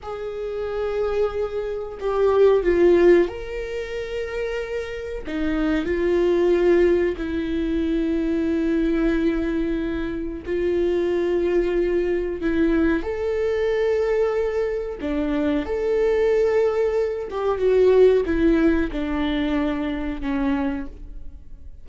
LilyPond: \new Staff \with { instrumentName = "viola" } { \time 4/4 \tempo 4 = 92 gis'2. g'4 | f'4 ais'2. | dis'4 f'2 e'4~ | e'1 |
f'2. e'4 | a'2. d'4 | a'2~ a'8 g'8 fis'4 | e'4 d'2 cis'4 | }